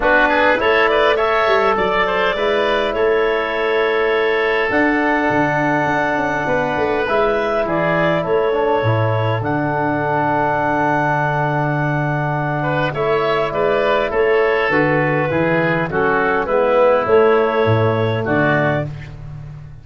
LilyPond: <<
  \new Staff \with { instrumentName = "clarinet" } { \time 4/4 \tempo 4 = 102 b'4 cis''8 d''8 e''4 d''4~ | d''4 cis''2. | fis''1 | e''4 d''4 cis''2 |
fis''1~ | fis''2 e''4 d''4 | cis''4 b'2 a'4 | b'4 cis''2 d''4 | }
  \new Staff \with { instrumentName = "oboe" } { \time 4/4 fis'8 gis'8 a'8 b'8 cis''4 d''8 c''8 | b'4 a'2.~ | a'2. b'4~ | b'4 gis'4 a'2~ |
a'1~ | a'4. b'8 cis''4 b'4 | a'2 gis'4 fis'4 | e'2. fis'4 | }
  \new Staff \with { instrumentName = "trombone" } { \time 4/4 d'4 e'4 a'2 | e'1 | d'1 | e'2~ e'8 d'8 e'4 |
d'1~ | d'2 e'2~ | e'4 fis'4 e'4 cis'4 | b4 a2. | }
  \new Staff \with { instrumentName = "tuba" } { \time 4/4 b4 a4. g8 fis4 | gis4 a2. | d'4 d4 d'8 cis'8 b8 a8 | gis4 e4 a4 a,4 |
d1~ | d2 a4 gis4 | a4 d4 e4 fis4 | gis4 a4 a,4 d4 | }
>>